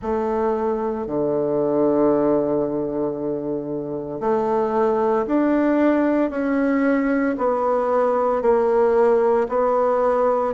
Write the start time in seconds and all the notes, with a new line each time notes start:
0.02 A3
1.07 D3
4.20 A3
5.26 D4
6.30 C#4
7.38 B3
8.42 A#3
9.48 B3